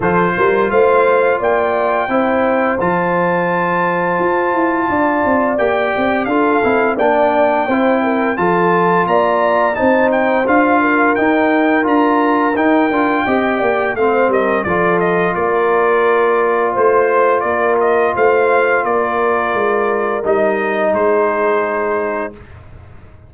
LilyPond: <<
  \new Staff \with { instrumentName = "trumpet" } { \time 4/4 \tempo 4 = 86 c''4 f''4 g''2 | a''1 | g''4 f''4 g''2 | a''4 ais''4 a''8 g''8 f''4 |
g''4 ais''4 g''2 | f''8 dis''8 d''8 dis''8 d''2 | c''4 d''8 dis''8 f''4 d''4~ | d''4 dis''4 c''2 | }
  \new Staff \with { instrumentName = "horn" } { \time 4/4 a'8 ais'8 c''4 d''4 c''4~ | c''2. d''4~ | d''4 a'4 d''4 c''8 ais'8 | a'4 d''4 c''4. ais'8~ |
ais'2. dis''8 d''8 | c''8 ais'8 a'4 ais'2 | c''4 ais'4 c''4 ais'4~ | ais'2 gis'2 | }
  \new Staff \with { instrumentName = "trombone" } { \time 4/4 f'2. e'4 | f'1 | g'4 f'8 e'8 d'4 e'4 | f'2 dis'4 f'4 |
dis'4 f'4 dis'8 f'8 g'4 | c'4 f'2.~ | f'1~ | f'4 dis'2. | }
  \new Staff \with { instrumentName = "tuba" } { \time 4/4 f8 g8 a4 ais4 c'4 | f2 f'8 e'8 d'8 c'8 | ais8 c'8 d'8 c'8 ais4 c'4 | f4 ais4 c'4 d'4 |
dis'4 d'4 dis'8 d'8 c'8 ais8 | a8 g8 f4 ais2 | a4 ais4 a4 ais4 | gis4 g4 gis2 | }
>>